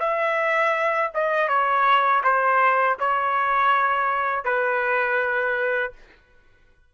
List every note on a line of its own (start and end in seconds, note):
0.00 1.11 E5
1.14 1.48 D#5
1.48 2.23 C#5
2.24 2.98 C5
3.00 4.45 C#5
4.45 5.93 B4